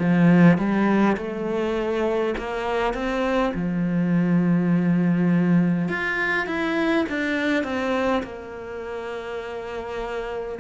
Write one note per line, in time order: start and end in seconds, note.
0.00 0.58 F3
0.58 1.17 G3
1.18 2.35 A3
2.39 2.94 A#3
2.94 3.53 C4
3.55 5.89 F3
5.89 6.47 F4
6.47 7.06 E4
7.10 7.64 D4
7.64 8.23 C4
8.24 10.59 A#3